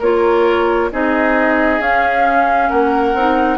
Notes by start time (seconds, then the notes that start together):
0.00 A#3 F4 A#4 C#5
0.91 C4 D#4 G#4 D#5
1.80 C#4 F5
2.70 A#3 A#4 F#5
3.14 C4 D#4